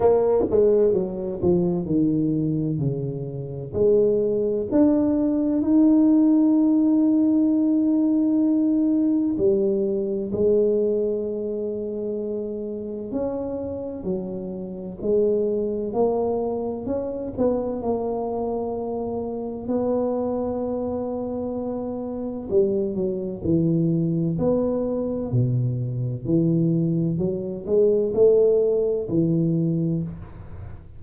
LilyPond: \new Staff \with { instrumentName = "tuba" } { \time 4/4 \tempo 4 = 64 ais8 gis8 fis8 f8 dis4 cis4 | gis4 d'4 dis'2~ | dis'2 g4 gis4~ | gis2 cis'4 fis4 |
gis4 ais4 cis'8 b8 ais4~ | ais4 b2. | g8 fis8 e4 b4 b,4 | e4 fis8 gis8 a4 e4 | }